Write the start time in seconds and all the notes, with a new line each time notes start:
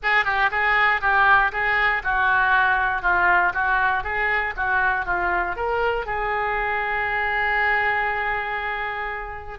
0.03 G#4
0.25 G4
0.50 G#4
1.01 G4
1.52 G#4
2.03 F#4
3.02 F4
3.53 F#4
4.03 G#4
4.56 F#4
5.05 F4
5.56 A#4
6.06 G#4